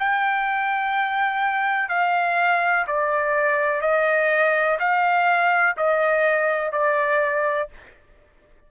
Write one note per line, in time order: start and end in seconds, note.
0.00 1.90 G5
1.90 2.86 F5
2.88 3.82 D5
3.82 4.79 D#5
4.80 5.77 F5
5.77 6.73 D#5
6.73 7.70 D5